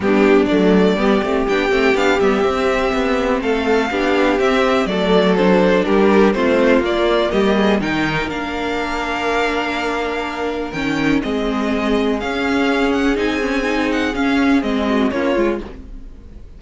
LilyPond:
<<
  \new Staff \with { instrumentName = "violin" } { \time 4/4 \tempo 4 = 123 g'4 d''2 g''4 | f''8 e''2~ e''8 f''4~ | f''4 e''4 d''4 c''4 | ais'4 c''4 d''4 dis''4 |
g''4 f''2.~ | f''2 g''4 dis''4~ | dis''4 f''4. fis''8 gis''4~ | gis''8 fis''8 f''4 dis''4 cis''4 | }
  \new Staff \with { instrumentName = "violin" } { \time 4/4 d'2 g'2~ | g'2. a'4 | g'2 a'2 | g'4 f'2 g'8 gis'8 |
ais'1~ | ais'2. gis'4~ | gis'1~ | gis'2~ gis'8 fis'8 f'4 | }
  \new Staff \with { instrumentName = "viola" } { \time 4/4 b4 a4 b8 c'8 d'8 c'8 | d'8 b8 c'2. | d'4 c'4 a4 d'4~ | d'4 c'4 ais2 |
dis'4 d'2.~ | d'2 cis'4 c'4~ | c'4 cis'2 dis'8 cis'8 | dis'4 cis'4 c'4 cis'8 f'8 | }
  \new Staff \with { instrumentName = "cello" } { \time 4/4 g4 fis4 g8 a8 b8 a8 | b8 g8 c'4 b4 a4 | b4 c'4 fis2 | g4 a4 ais4 g4 |
dis4 ais2.~ | ais2 dis4 gis4~ | gis4 cis'2 c'4~ | c'4 cis'4 gis4 ais8 gis8 | }
>>